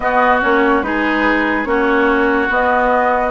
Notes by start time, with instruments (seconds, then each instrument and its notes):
0.00 bassoon B3, clarinet B3, oboe F#4, flute D#5
0.41 bassoon A#3, clarinet C#4, flute C#5
0.81 bassoon G#3, clarinet D#4, oboe G#4, flute B4
1.64 bassoon A#3, clarinet C#4, oboe F#4, flute C#5
2.49 bassoon B3, clarinet B3, flute D#5